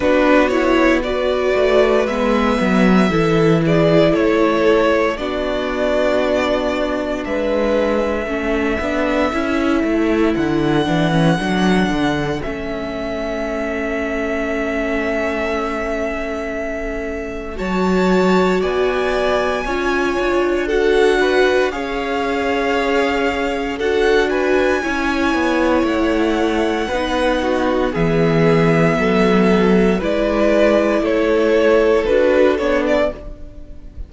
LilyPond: <<
  \new Staff \with { instrumentName = "violin" } { \time 4/4 \tempo 4 = 58 b'8 cis''8 d''4 e''4. d''8 | cis''4 d''2 e''4~ | e''2 fis''2 | e''1~ |
e''4 a''4 gis''2 | fis''4 f''2 fis''8 gis''8~ | gis''4 fis''2 e''4~ | e''4 d''4 cis''4 b'8 cis''16 d''16 | }
  \new Staff \with { instrumentName = "violin" } { \time 4/4 fis'4 b'2 a'8 gis'8 | a'4 fis'2 b'4 | a'1~ | a'1~ |
a'4 cis''4 d''4 cis''4 | a'8 b'8 cis''2 a'8 b'8 | cis''2 b'8 fis'8 gis'4 | a'4 b'4 a'2 | }
  \new Staff \with { instrumentName = "viola" } { \time 4/4 d'8 e'8 fis'4 b4 e'4~ | e'4 d'2. | cis'8 d'8 e'4. d'16 cis'16 d'4 | cis'1~ |
cis'4 fis'2 f'4 | fis'4 gis'2 fis'4 | e'2 dis'4 b4~ | b4 e'2 fis'8 d'8 | }
  \new Staff \with { instrumentName = "cello" } { \time 4/4 b4. a8 gis8 fis8 e4 | a4 b2 gis4 | a8 b8 cis'8 a8 d8 e8 fis8 d8 | a1~ |
a4 fis4 b4 cis'8 d'8~ | d'4 cis'2 d'4 | cis'8 b8 a4 b4 e4 | fis4 gis4 a4 d'8 b8 | }
>>